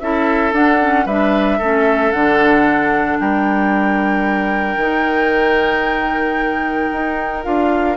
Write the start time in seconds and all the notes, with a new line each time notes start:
0.00 C#4 E4 A4 E5
0.53 D4 F#5
0.81 C#4
1.06 G3 D4 B4 E5
1.58 A3 C#4 A4
2.12 D3 D4 F#5
3.20 G3 A#4 G5
4.77 D#3 D#4
6.93 D#4
7.43 D4 F4 F5